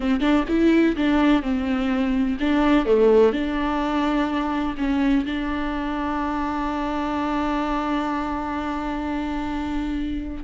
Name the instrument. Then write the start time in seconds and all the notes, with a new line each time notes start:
viola
0.00 C4
0.20 D4
0.48 E4
0.96 D4
1.42 C4
2.39 D4
2.85 A3
3.32 D4
4.77 C#4
5.25 D4